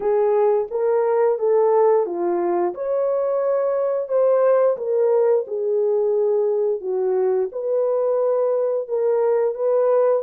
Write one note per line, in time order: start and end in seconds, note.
0.00 0.68 G#4
0.71 1.38 A#4
1.38 2.05 A4
2.05 2.74 F4
2.74 4.08 C#5
4.08 4.76 C5
4.77 5.45 A#4
5.47 6.81 G#4
6.81 7.49 F#4
7.52 8.88 B4
8.88 9.54 A#4
9.54 10.22 B4